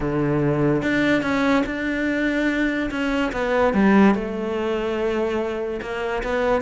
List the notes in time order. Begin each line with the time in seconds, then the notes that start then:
0.00 D3
0.82 D4
1.22 C#4
1.66 D4
2.90 C#4
3.32 B3
3.73 G3
4.15 A3
5.81 A#3
6.23 B3